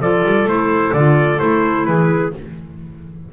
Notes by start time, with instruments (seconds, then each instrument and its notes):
0.00 double bass F3, clarinet F4 A4, trumpet D5
0.25 double bass G3
0.44 double bass A3, clarinet E4, trumpet C5
0.93 double bass D3, clarinet F4, trumpet D5
1.39 double bass A3, clarinet E4, trumpet C5
1.86 double bass E3, clarinet G#4, trumpet B4